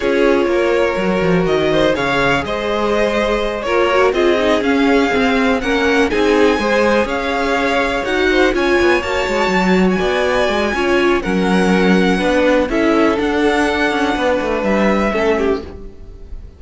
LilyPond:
<<
  \new Staff \with { instrumentName = "violin" } { \time 4/4 \tempo 4 = 123 cis''2. dis''4 | f''4 dis''2~ dis''8 cis''8~ | cis''8 dis''4 f''2 fis''8~ | fis''8 gis''2 f''4.~ |
f''8 fis''4 gis''4 a''4.~ | a''16 gis''2~ gis''8. fis''4~ | fis''2 e''4 fis''4~ | fis''2 e''2 | }
  \new Staff \with { instrumentName = "violin" } { \time 4/4 gis'4 ais'2~ ais'8 c''8 | cis''4 c''2~ c''8 ais'8~ | ais'8 gis'2. ais'8~ | ais'8 gis'4 c''4 cis''4.~ |
cis''4 c''8 cis''2~ cis''8~ | cis''8 d''4. cis''4 ais'4~ | ais'4 b'4 a'2~ | a'4 b'2 a'8 g'8 | }
  \new Staff \with { instrumentName = "viola" } { \time 4/4 f'2 fis'2 | gis'2.~ gis'8 f'8 | fis'8 f'8 dis'8 cis'4 c'4 cis'8~ | cis'8 dis'4 gis'2~ gis'8~ |
gis'8 fis'4 f'4 fis'4.~ | fis'2 f'4 cis'4~ | cis'4 d'4 e'4 d'4~ | d'2. cis'4 | }
  \new Staff \with { instrumentName = "cello" } { \time 4/4 cis'4 ais4 fis8 f8 dis4 | cis4 gis2~ gis8 ais8~ | ais8 c'4 cis'4 c'4 ais8~ | ais8 c'4 gis4 cis'4.~ |
cis'8 dis'4 cis'8 b8 ais8 gis8 fis8~ | fis8 b4 gis8 cis'4 fis4~ | fis4 b4 cis'4 d'4~ | d'8 cis'8 b8 a8 g4 a4 | }
>>